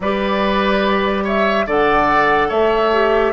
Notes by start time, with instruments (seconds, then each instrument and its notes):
0.00 bassoon G3, clarinet G4, oboe B4, flute D5
1.24 oboe C#5, flute E5
1.66 bassoon D3, clarinet A4, oboe D5, flute F#5
2.48 bassoon A3, oboe C#5, flute E5
2.93 clarinet G4